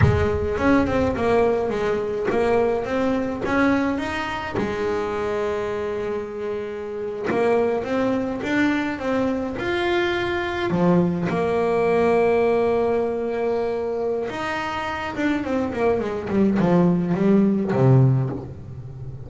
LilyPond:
\new Staff \with { instrumentName = "double bass" } { \time 4/4 \tempo 4 = 105 gis4 cis'8 c'8 ais4 gis4 | ais4 c'4 cis'4 dis'4 | gis1~ | gis8. ais4 c'4 d'4 c'16~ |
c'8. f'2 f4 ais16~ | ais1~ | ais4 dis'4. d'8 c'8 ais8 | gis8 g8 f4 g4 c4 | }